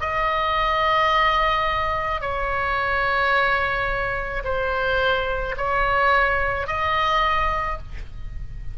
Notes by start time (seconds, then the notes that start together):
0.00 D#5
2.21 C#5
4.44 C5
5.57 C#5
6.67 D#5